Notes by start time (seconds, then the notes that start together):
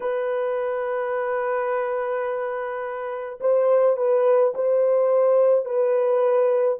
0.00 B4
3.40 C5
3.96 B4
4.54 C5
5.64 B4